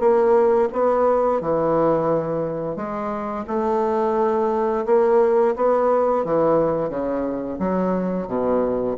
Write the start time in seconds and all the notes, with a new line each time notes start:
0.00 A#3
0.73 B3
1.41 E3
2.76 G#3
3.47 A3
4.86 A#3
5.56 B3
6.25 E3
6.90 C#3
7.59 F#3
8.28 B2